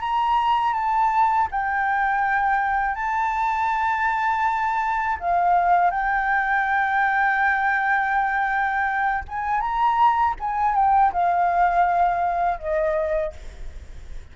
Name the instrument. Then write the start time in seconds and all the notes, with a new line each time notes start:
flute
0.00 A#5
0.73 A5
1.51 G5
2.95 A5
5.20 F5
5.91 G5
9.28 G#5
9.61 A#5
10.39 G#5
10.75 G5
11.12 F5
12.59 D#5